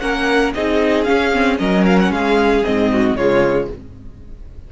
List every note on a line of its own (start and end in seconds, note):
0.00 0.54 A#3
0.00 0.54 C#4
0.00 0.54 A#4
0.00 0.53 F#5
0.54 1.08 C4
0.54 1.07 D#4
0.54 1.60 G#4
0.54 1.04 D#5
1.04 1.33 C#4
1.04 1.60 C#4
1.04 1.57 F5
1.34 1.59 C4
1.59 2.11 F#3
1.59 2.64 C#4
1.59 2.12 A#4
1.59 1.85 D#5
1.86 1.99 F5
2.00 2.12 F#5
2.11 2.63 G#3
2.11 2.92 G#4
2.11 2.65 F5
2.65 3.16 G#2
2.65 3.17 C4
2.65 3.16 D#5
2.92 3.18 F#4
3.16 3.68 C#3
3.16 3.72 G#3
3.16 3.71 F4
3.16 3.69 C#5